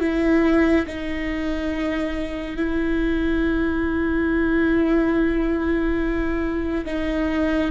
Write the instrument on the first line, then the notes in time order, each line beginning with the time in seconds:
viola
0.00 E4
0.86 D#4
2.56 E4
6.85 D#4